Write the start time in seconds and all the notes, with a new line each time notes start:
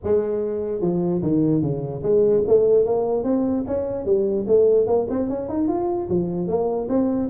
0.03 G#3
0.81 F3
1.22 D#3
1.62 C#3
2.02 G#3
2.47 A3
2.85 A#3
3.23 C4
3.67 C#4
4.05 G3
4.47 A3
4.86 A#3
5.10 C4
5.29 C#4
5.48 D#4
5.68 F4
6.09 F3
6.47 A#3
6.88 C4